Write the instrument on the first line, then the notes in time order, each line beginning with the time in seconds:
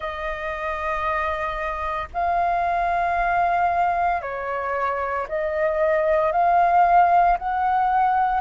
flute
0.00 D#5
2.13 F5
4.21 C#5
5.28 D#5
6.32 F5
7.38 F#5